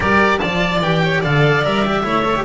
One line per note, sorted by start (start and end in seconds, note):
0.00 0.40 G3
0.00 0.41 G4
0.00 0.39 A#4
0.00 0.38 D5
0.38 0.80 F3
0.38 0.82 F4
0.38 1.02 D5
0.38 0.79 A5
0.80 1.21 E3
0.80 1.23 G4
0.80 1.22 G5
1.03 1.20 C#5
1.20 1.64 D3
1.20 1.63 A4
1.20 2.02 D5
1.20 1.64 F5
1.63 2.04 G3
1.63 1.83 A#4
1.63 2.44 E5
1.85 2.03 G4
2.03 2.44 A3
2.03 2.23 E4
2.03 2.44 C#5
2.24 2.35 A4
2.35 2.44 G4